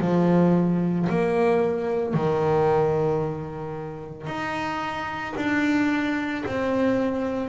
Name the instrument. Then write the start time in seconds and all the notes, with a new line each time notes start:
double bass
0.00 F3
1.09 A#3
2.13 D#3
4.27 D#4
5.36 D4
6.46 C4